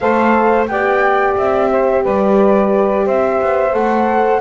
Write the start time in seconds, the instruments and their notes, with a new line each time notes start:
0.00 double bass A3, horn A4, saxophone C5, flute F5
0.67 double bass B3, horn G4, saxophone D5, flute G5
1.37 double bass C4, flute E5
1.71 saxophone C5
2.03 double bass G3, saxophone B4, flute D5
3.05 double bass C4, saxophone C5, flute E5
3.41 double bass B3
3.72 double bass A3, horn A4, flute F#5